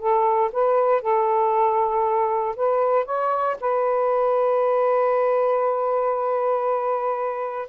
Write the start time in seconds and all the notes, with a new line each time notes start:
0.00 A4
0.53 B4
1.02 A4
2.57 B4
3.06 C#5
3.61 B4